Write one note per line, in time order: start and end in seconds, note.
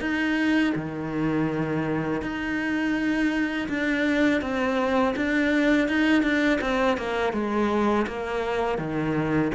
0.00 0.73 D#4
0.75 2.22 D#3
2.22 3.68 D#4
3.68 4.41 D4
4.41 5.15 C4
5.16 5.88 D4
5.88 6.22 D#4
6.22 6.59 D4
6.61 6.97 C4
6.97 7.33 A#3
7.33 8.06 G#3
8.07 8.78 A#3
8.78 9.51 D#3